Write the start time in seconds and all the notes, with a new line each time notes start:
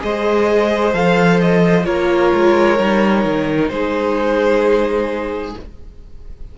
0.00 G#3 G#4 C5 D#5
0.94 F3 A4 F5
1.41 D#5
1.84 A#3 F4 A#4 C#5
2.34 G#3
2.79 G3 D#4
3.25 D#3
3.69 G#3 G#4 C5